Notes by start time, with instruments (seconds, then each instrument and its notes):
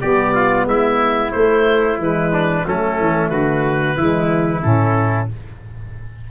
0.00 tuba G3, saxophone B3, trumpet G4, oboe D5
0.35 trumpet F4
0.65 tuba G#3, trumpet E4, oboe E5
1.31 saxophone A3, tuba A3, oboe C5
1.97 tuba E3, saxophone G#3, oboe B4
2.33 trumpet D4
2.64 tuba F#3, saxophone A3, trumpet C#4, oboe A4
2.99 tuba E3
3.29 tuba D3, trumpet F#4, oboe B4
3.96 tuba E3, saxophone G#3, trumpet E4
4.62 tuba A2, saxophone C#4, oboe A4